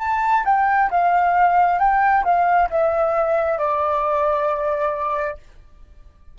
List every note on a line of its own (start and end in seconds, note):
0.00 0.45 A5
0.45 0.90 G5
0.91 1.79 F5
1.79 2.24 G5
2.25 2.69 F5
2.70 3.59 E5
3.59 5.38 D5